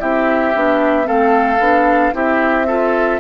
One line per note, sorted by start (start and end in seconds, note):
0.00 0.55 C4
0.00 0.54 E4
0.00 1.07 G4
0.00 1.08 E5
0.55 1.08 B3
0.55 1.04 D4
1.04 1.60 A3
1.04 1.58 C4
1.04 2.14 A4
1.04 2.15 F5
1.60 2.13 B3
1.60 2.13 D4
2.13 3.20 C4
2.13 2.67 E4
2.13 2.67 G4
2.13 3.20 E5
2.67 3.20 F4
2.67 3.20 A4